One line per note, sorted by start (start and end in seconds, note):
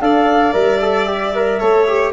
0.00 0.53 D4
0.00 0.53 A4
0.00 1.59 D5
0.00 0.53 F5
0.53 1.60 G3
0.53 0.79 A#4
0.53 2.12 E5
0.81 1.07 A4
1.07 1.33 G4
1.34 1.60 A#4
1.59 2.13 A3
1.59 1.86 A4
1.59 2.12 C#5
1.87 2.13 G4